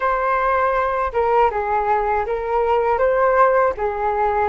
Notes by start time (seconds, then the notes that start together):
0.00 C5
1.12 A#4
1.50 G#4
2.26 A#4
2.98 C5
3.77 G#4